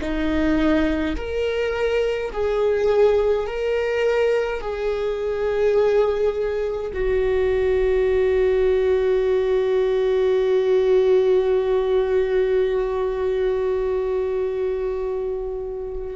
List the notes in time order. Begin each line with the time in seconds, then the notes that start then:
0.00 D#4
1.16 A#4
2.32 G#4
3.47 A#4
4.60 G#4
6.93 F#4